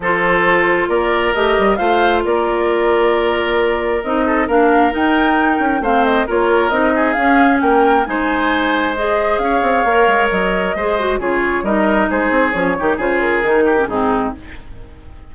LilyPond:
<<
  \new Staff \with { instrumentName = "flute" } { \time 4/4 \tempo 4 = 134 c''2 d''4 dis''4 | f''4 d''2.~ | d''4 dis''4 f''4 g''4~ | g''4 f''8 dis''8 cis''4 dis''4 |
f''4 g''4 gis''2 | dis''4 f''2 dis''4~ | dis''4 cis''4 dis''4 c''4 | cis''4 c''8 ais'4. gis'4 | }
  \new Staff \with { instrumentName = "oboe" } { \time 4/4 a'2 ais'2 | c''4 ais'2.~ | ais'4. a'8 ais'2~ | ais'4 c''4 ais'4. gis'8~ |
gis'4 ais'4 c''2~ | c''4 cis''2. | c''4 gis'4 ais'4 gis'4~ | gis'8 g'8 gis'4. g'8 dis'4 | }
  \new Staff \with { instrumentName = "clarinet" } { \time 4/4 f'2. g'4 | f'1~ | f'4 dis'4 d'4 dis'4~ | dis'4 c'4 f'4 dis'4 |
cis'2 dis'2 | gis'2 ais'2 | gis'8 fis'8 f'4 dis'2 | cis'8 dis'8 f'4 dis'8. cis'16 c'4 | }
  \new Staff \with { instrumentName = "bassoon" } { \time 4/4 f2 ais4 a8 g8 | a4 ais2.~ | ais4 c'4 ais4 dis'4~ | dis'8 cis'8 a4 ais4 c'4 |
cis'4 ais4 gis2~ | gis4 cis'8 c'8 ais8 gis8 fis4 | gis4 cis4 g4 gis8 c'8 | f8 dis8 cis4 dis4 gis,4 | }
>>